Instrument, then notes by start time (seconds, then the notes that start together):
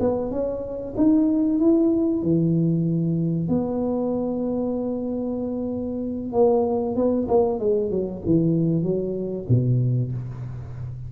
tuba
0.00 B3
0.31 C#4
0.97 D#4
1.59 E4
2.22 E3
3.48 B3
6.32 A#3
6.96 B3
7.28 A#3
7.59 G#3
7.90 F#3
8.25 E3
8.83 F#3
9.49 B2